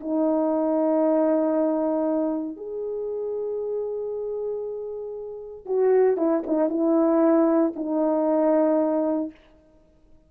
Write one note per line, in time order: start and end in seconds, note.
0.00 2.56 D#4
2.56 5.65 G#4
5.65 6.17 F#4
6.17 6.43 E4
6.46 6.69 D#4
6.69 7.72 E4
7.75 9.31 D#4